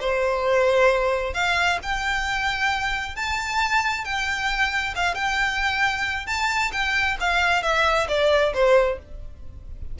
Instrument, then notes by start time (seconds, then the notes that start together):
violin
0.00 C5
1.34 F5
1.82 G5
3.16 A5
4.05 G5
4.95 F5
5.15 G5
6.26 A5
6.72 G5
7.20 F5
7.62 E5
8.08 D5
8.54 C5